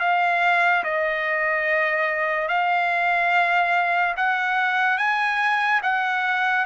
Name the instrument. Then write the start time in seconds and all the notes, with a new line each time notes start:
trumpet
0.00 F5
0.84 D#5
2.48 F5
4.17 F#5
4.98 G#5
5.83 F#5